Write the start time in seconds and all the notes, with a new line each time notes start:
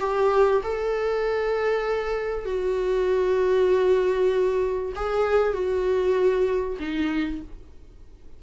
0.00 G4
0.64 A4
2.45 F#4
4.96 G#4
5.54 F#4
6.80 D#4